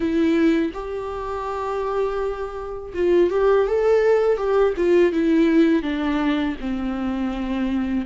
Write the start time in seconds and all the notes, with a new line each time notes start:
0.00 E4
0.73 G4
2.93 F4
3.30 G4
3.67 A4
4.37 G4
4.76 F4
5.12 E4
5.82 D4
6.60 C4